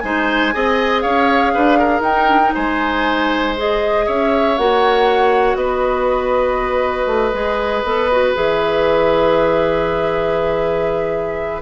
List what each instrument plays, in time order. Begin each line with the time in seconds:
0.00 bassoon G#3, clarinet D#4, oboe C5, flute G#5
0.53 bassoon C4, clarinet G#4, oboe D#5
1.02 bassoon C#4, oboe C#5, flute F5
1.55 bassoon D4, oboe B4
1.79 oboe A#4
2.01 bassoon D#4, clarinet D#4, flute G5
2.28 clarinet D4
2.44 clarinet D#4
2.55 bassoon G#3, oboe C5, flute G#5
3.57 clarinet G#4, flute D#5
4.07 bassoon C#4, oboe C#5, flute E5
4.58 bassoon A#3, clarinet F#4, flute F#5
5.56 bassoon B3, oboe B4, flute D#5
7.07 bassoon A3
7.34 bassoon G#3, clarinet G#4
7.84 bassoon B3, clarinet A4
8.12 clarinet F#4
8.35 bassoon E3, clarinet G#4, flute E5